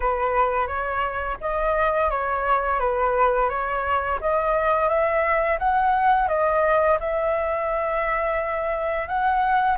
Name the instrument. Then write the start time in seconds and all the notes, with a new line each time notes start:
flute
0.00 B4
0.67 C#5
1.40 D#5
2.10 C#5
2.79 B4
3.49 C#5
4.21 D#5
4.88 E5
5.58 F#5
6.28 D#5
7.00 E5
9.08 F#5